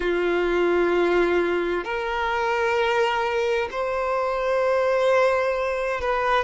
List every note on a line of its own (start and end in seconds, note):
0.00 1.84 F4
1.84 3.68 A#4
3.71 6.00 C5
6.00 6.44 B4